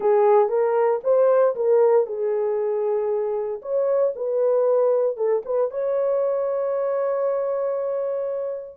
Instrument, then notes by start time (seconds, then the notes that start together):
horn
0.00 G#4
0.48 A#4
1.03 C5
1.55 A#4
2.06 G#4
3.62 C#5
4.15 B4
5.16 A4
5.45 B4
5.71 C#5